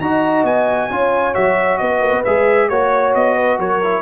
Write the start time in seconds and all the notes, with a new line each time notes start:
0.00 D#4 F#4 D#5 A#5
0.44 B3 G#5
0.90 C#4 F4 C#5
1.34 F#3 F#4 E5
1.78 B3 B4 D#5
2.01 A#3
2.12 B3
2.25 G#3 G#4 E5
2.69 A#3 F#4 C#5
3.15 B3 D#5
3.36 B4
3.59 F#3 A#4 C#5
3.83 E4